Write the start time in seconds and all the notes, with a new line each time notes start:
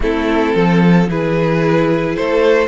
0.00 A3 C4 E4 A4
0.55 F3 A4
1.07 E3 E4 G#4 B4
2.15 A3 A4 C5